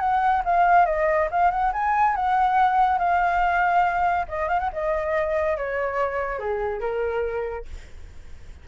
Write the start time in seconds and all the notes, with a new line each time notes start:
0.00 F#5
0.45 F5
0.86 D#5
1.31 F5
1.51 F#5
1.73 G#5
2.16 F#5
2.99 F5
4.29 D#5
4.49 F5
4.60 F#5
4.73 D#5
5.58 C#5
6.40 G#4
6.81 A#4